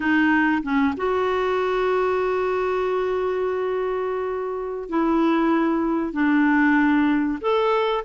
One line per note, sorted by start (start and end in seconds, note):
0.00 0.62 D#4
0.62 0.94 C#4
0.96 4.89 F#4
4.89 6.12 E4
6.12 7.39 D4
7.41 8.04 A4